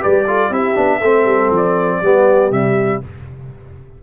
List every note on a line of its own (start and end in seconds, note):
0.00 0.50 G3
0.00 0.25 G4
0.00 0.26 B4
0.00 0.53 D5
0.27 0.52 F4
0.27 0.50 A4
0.50 0.75 C4
0.50 0.75 E4
0.50 0.99 G4
0.50 1.53 E5
0.75 1.01 B3
0.75 1.00 D4
0.99 1.25 A3
0.99 2.03 C4
0.99 1.99 A4
1.25 1.50 G3
1.51 2.01 F3
1.51 2.52 D5
2.02 2.51 G3
2.02 2.51 B3
2.02 3.03 G4
2.51 3.01 C3
2.51 3.01 G3
2.51 3.02 E5